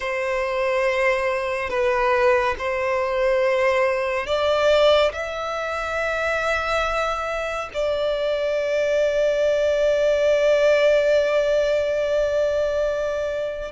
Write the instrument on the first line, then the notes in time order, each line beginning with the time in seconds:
violin
0.00 C5
1.69 B4
2.58 C5
4.26 D5
5.12 E5
7.73 D5